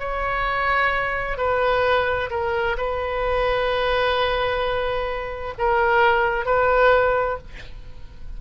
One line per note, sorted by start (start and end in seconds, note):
0.00 1.38 C#5
1.38 2.30 B4
2.31 2.77 A#4
2.78 5.55 B4
5.58 6.46 A#4
6.46 7.38 B4